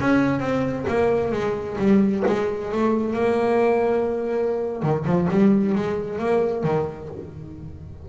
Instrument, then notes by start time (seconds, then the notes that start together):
double bass
0.00 C#4
0.40 C4
0.88 A#3
1.31 G#3
1.78 G3
2.27 G#3
2.71 A3
3.13 A#3
4.82 D#3
5.05 F3
5.30 G3
5.75 G#3
6.18 A#3
6.63 D#3